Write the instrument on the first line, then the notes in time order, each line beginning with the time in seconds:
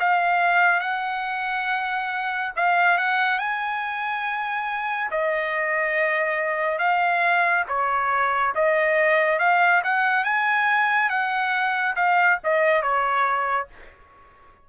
trumpet
0.00 F5
0.80 F#5
2.56 F5
2.98 F#5
3.39 G#5
5.11 D#5
6.79 F5
7.68 C#5
8.55 D#5
9.39 F5
9.84 F#5
10.24 G#5
11.09 F#5
11.96 F5
12.44 D#5
12.82 C#5